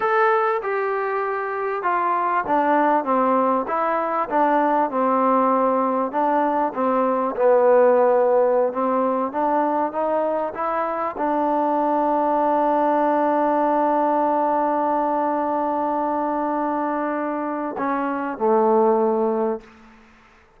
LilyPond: \new Staff \with { instrumentName = "trombone" } { \time 4/4 \tempo 4 = 98 a'4 g'2 f'4 | d'4 c'4 e'4 d'4 | c'2 d'4 c'4 | b2~ b16 c'4 d'8.~ |
d'16 dis'4 e'4 d'4.~ d'16~ | d'1~ | d'1~ | d'4 cis'4 a2 | }